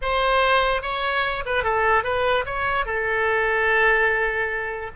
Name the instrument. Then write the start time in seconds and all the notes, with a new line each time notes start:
oboe
0.01 C5
0.82 C#5
1.45 B4
1.63 A4
2.03 B4
2.45 C#5
2.85 A4